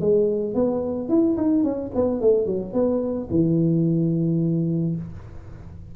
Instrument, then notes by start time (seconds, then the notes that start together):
tuba
0.00 G#3
0.54 B3
1.09 E4
1.37 D#4
1.64 C#4
1.95 B3
2.20 A3
2.46 F#3
2.73 B3
3.30 E3